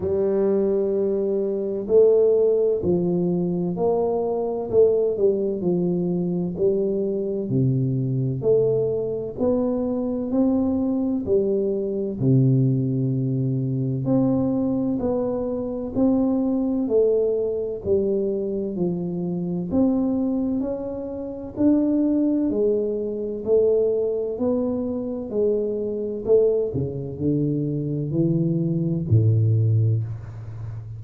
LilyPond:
\new Staff \with { instrumentName = "tuba" } { \time 4/4 \tempo 4 = 64 g2 a4 f4 | ais4 a8 g8 f4 g4 | c4 a4 b4 c'4 | g4 c2 c'4 |
b4 c'4 a4 g4 | f4 c'4 cis'4 d'4 | gis4 a4 b4 gis4 | a8 cis8 d4 e4 a,4 | }